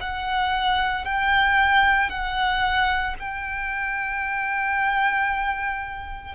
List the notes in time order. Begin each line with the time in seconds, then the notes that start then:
0.00 F#5
1.04 G5
2.09 F#5
3.19 G5